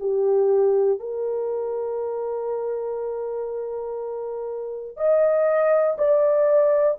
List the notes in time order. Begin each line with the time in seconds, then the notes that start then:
0.00 G4
1.00 A#4
4.96 D#5
5.98 D5